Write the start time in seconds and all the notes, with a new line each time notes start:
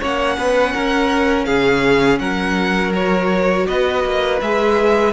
0.00 A#3 C#4 C#5 F#5
0.37 B3 B4
0.74 C#4 A#4
1.45 C#3 G#4 F5
2.20 F#3 A#4 F#5
2.94 F#4 C#5
3.67 B3 B4 D#5
4.04 A#3
4.41 G#3 G#4 E5